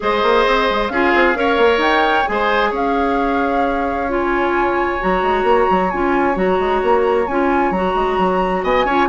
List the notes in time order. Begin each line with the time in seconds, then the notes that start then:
0.00 G#3 G#4 C5 D#5
0.22 A#3
0.46 C4
0.70 G#3
0.87 C#4 F4 G#4 F5
1.15 C4
1.34 C#4 A#4 C#5
1.57 A#3
1.77 D#4 G5
2.26 G#3 G#4 C5 G#5
2.70 C#4 C#5 F5
4.08 F4 G#5
4.99 F#3 F#4 A#5
5.22 G#3
5.43 A#3
5.70 F#3
5.90 C#4 F4 G#5
6.34 F#3 F#4 A#5
6.59 G#3
6.82 A#3
7.27 C#4 F4 G#5
7.70 F#3 F#4 A#5
7.95 G#3
8.18 F#3
8.63 B3 D#5 G#5
8.84 C#4 F4 C#5